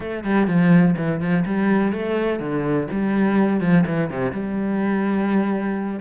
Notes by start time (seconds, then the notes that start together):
0.00 A3
0.24 G3
0.47 F3
0.97 E3
1.20 F3
1.45 G3
1.92 A3
2.39 D3
2.91 G3
3.60 F3
3.86 E3
4.10 C3
4.32 G3